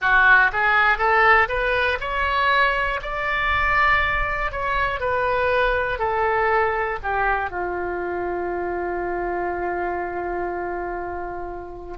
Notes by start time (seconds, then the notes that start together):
0.01 F#4
0.52 G#4
0.98 A4
1.48 B4
2.00 C#5
3.02 D5
4.51 C#5
5.00 B4
5.98 A4
7.03 G4
7.50 F4